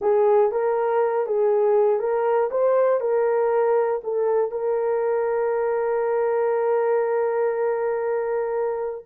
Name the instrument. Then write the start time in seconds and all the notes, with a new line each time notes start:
horn
0.01 G#4
0.51 A#4
1.26 G#4
1.99 A#4
2.50 C5
3.00 A#4
4.03 A4
4.51 A#4